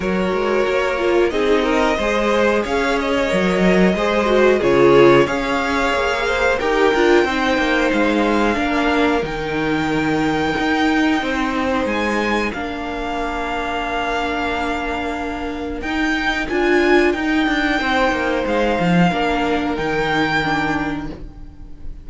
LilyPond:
<<
  \new Staff \with { instrumentName = "violin" } { \time 4/4 \tempo 4 = 91 cis''2 dis''2 | f''8 dis''2~ dis''8 cis''4 | f''2 g''2 | f''2 g''2~ |
g''2 gis''4 f''4~ | f''1 | g''4 gis''4 g''2 | f''2 g''2 | }
  \new Staff \with { instrumentName = "violin" } { \time 4/4 ais'2 gis'8 ais'8 c''4 | cis''2 c''4 gis'4 | cis''4. c''8 ais'4 c''4~ | c''4 ais'2.~ |
ais'4 c''2 ais'4~ | ais'1~ | ais'2. c''4~ | c''4 ais'2. | }
  \new Staff \with { instrumentName = "viola" } { \time 4/4 fis'4. f'8 dis'4 gis'4~ | gis'4 ais'4 gis'8 fis'8 f'4 | gis'2 g'8 f'8 dis'4~ | dis'4 d'4 dis'2~ |
dis'2. d'4~ | d'1 | dis'4 f'4 dis'2~ | dis'4 d'4 dis'4 d'4 | }
  \new Staff \with { instrumentName = "cello" } { \time 4/4 fis8 gis8 ais4 c'4 gis4 | cis'4 fis4 gis4 cis4 | cis'4 ais4 dis'8 d'8 c'8 ais8 | gis4 ais4 dis2 |
dis'4 c'4 gis4 ais4~ | ais1 | dis'4 d'4 dis'8 d'8 c'8 ais8 | gis8 f8 ais4 dis2 | }
>>